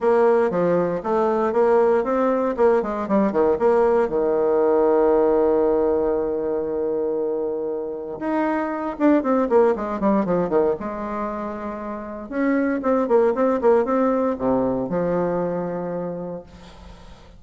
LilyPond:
\new Staff \with { instrumentName = "bassoon" } { \time 4/4 \tempo 4 = 117 ais4 f4 a4 ais4 | c'4 ais8 gis8 g8 dis8 ais4 | dis1~ | dis1 |
dis'4. d'8 c'8 ais8 gis8 g8 | f8 dis8 gis2. | cis'4 c'8 ais8 c'8 ais8 c'4 | c4 f2. | }